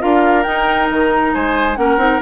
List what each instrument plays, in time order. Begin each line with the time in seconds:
0.00 bassoon D4, clarinet F4, oboe A#4, flute F5
0.43 clarinet D#4, bassoon D#4, flute G5
0.90 bassoon D#3, flute A#5
1.34 bassoon G#3, oboe C5, flute G#5
1.76 bassoon A#3, clarinet C#4, oboe A#4, flute F#5
1.97 bassoon C4, clarinet D#4